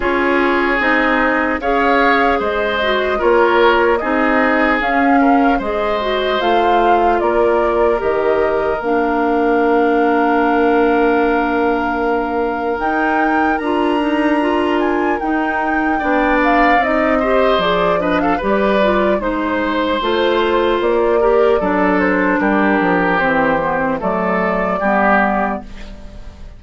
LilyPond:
<<
  \new Staff \with { instrumentName = "flute" } { \time 4/4 \tempo 4 = 75 cis''4 dis''4 f''4 dis''4 | cis''4 dis''4 f''4 dis''4 | f''4 d''4 dis''4 f''4~ | f''1 |
g''4 ais''4. gis''8 g''4~ | g''8 f''8 dis''4 d''8 dis''16 f''16 d''4 | c''2 d''4. c''8 | ais'4 c''4 d''2 | }
  \new Staff \with { instrumentName = "oboe" } { \time 4/4 gis'2 cis''4 c''4 | ais'4 gis'4. ais'8 c''4~ | c''4 ais'2.~ | ais'1~ |
ais'1 | d''4. c''4 b'16 a'16 b'4 | c''2~ c''8 ais'8 a'4 | g'2 a'4 g'4 | }
  \new Staff \with { instrumentName = "clarinet" } { \time 4/4 f'4 dis'4 gis'4. fis'8 | f'4 dis'4 cis'4 gis'8 fis'8 | f'2 g'4 d'4~ | d'1 |
dis'4 f'8 dis'8 f'4 dis'4 | d'4 dis'8 g'8 gis'8 d'8 g'8 f'8 | dis'4 f'4. g'8 d'4~ | d'4 c'8 b16 c'16 a4 b4 | }
  \new Staff \with { instrumentName = "bassoon" } { \time 4/4 cis'4 c'4 cis'4 gis4 | ais4 c'4 cis'4 gis4 | a4 ais4 dis4 ais4~ | ais1 |
dis'4 d'2 dis'4 | b4 c'4 f4 g4 | gis4 a4 ais4 fis4 | g8 f8 e4 fis4 g4 | }
>>